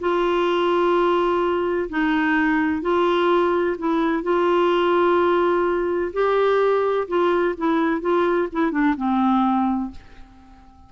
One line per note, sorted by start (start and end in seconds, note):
0.00 1.89 F4
1.89 2.82 D#4
2.82 3.76 F4
3.78 4.23 E4
4.23 6.12 F4
6.13 7.07 G4
7.08 7.55 F4
7.57 8.01 E4
8.01 8.48 F4
8.52 8.71 E4
8.71 8.95 D4
8.97 9.91 C4